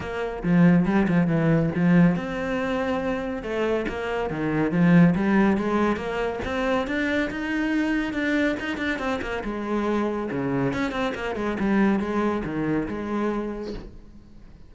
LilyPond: \new Staff \with { instrumentName = "cello" } { \time 4/4 \tempo 4 = 140 ais4 f4 g8 f8 e4 | f4 c'2. | a4 ais4 dis4 f4 | g4 gis4 ais4 c'4 |
d'4 dis'2 d'4 | dis'8 d'8 c'8 ais8 gis2 | cis4 cis'8 c'8 ais8 gis8 g4 | gis4 dis4 gis2 | }